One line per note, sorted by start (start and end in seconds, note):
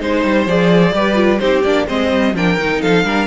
0.00 0.24 G#3
0.00 0.47 D#4
0.00 0.94 C5
0.00 0.48 C5
0.24 0.46 G3
0.46 0.93 F3
0.46 0.94 G#4
0.46 1.39 D5
0.93 1.40 G3
0.93 1.16 G4
0.93 1.41 B4
1.16 1.39 F4
1.39 1.65 C4
1.39 1.64 D#4
1.39 1.87 G4
1.39 1.62 C5
1.63 1.88 A#3
1.63 1.88 D4
1.63 1.87 D5
1.87 2.12 G#3
1.87 2.35 C4
1.87 2.34 C5
1.87 2.36 D#5
2.12 2.34 G3
2.34 2.58 F3
2.34 2.59 D4
2.34 2.82 A#4
2.34 2.82 G5
2.58 2.82 D#3
2.58 3.05 D#4
2.82 3.04 F3
2.82 3.05 A4
2.82 3.27 F5
3.04 3.27 G3
3.04 3.27 D4
3.04 3.27 A#4